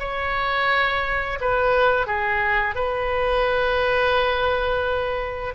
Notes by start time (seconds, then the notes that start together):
0.00 C#5
1.41 B4
2.07 G#4
2.76 B4